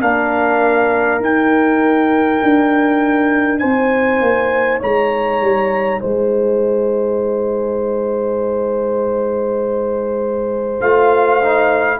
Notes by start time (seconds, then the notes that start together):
0.00 A#3 D4 A#4 F5
1.20 D#4 G5
2.43 D4
3.59 C4 C5 G#5
4.21 A#3
4.80 G#3 C#5 A#5
5.41 G3
6.01 G#3 C5 G#5
10.81 A3 F4 F5
11.43 D#4